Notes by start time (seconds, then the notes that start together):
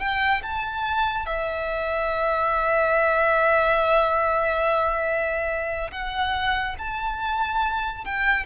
0.00 G5
0.43 A5
1.26 E5
5.91 F#5
6.79 A5
8.05 G5